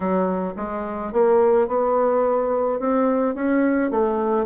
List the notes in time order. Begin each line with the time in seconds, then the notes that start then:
0.00 F#3
0.56 G#3
1.12 A#3
1.67 B3
2.79 C4
3.34 C#4
3.90 A3